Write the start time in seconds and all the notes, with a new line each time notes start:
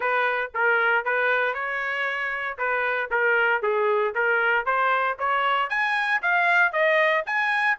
0.00 B4
0.54 A#4
1.04 B4
1.54 C#5
2.58 B4
3.10 A#4
3.62 G#4
4.14 A#4
4.65 C5
5.18 C#5
5.69 G#5
6.22 F5
6.72 D#5
7.25 G#5